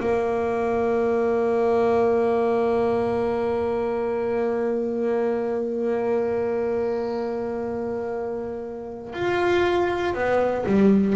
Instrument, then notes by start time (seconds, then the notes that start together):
double bass
0.00 A#3
9.13 F4
10.14 B3
10.66 G3